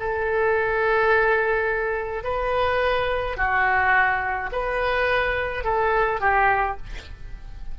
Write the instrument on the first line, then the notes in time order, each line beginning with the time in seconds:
oboe
0.00 A4
2.24 B4
3.37 F#4
4.52 B4
5.64 A4
6.21 G4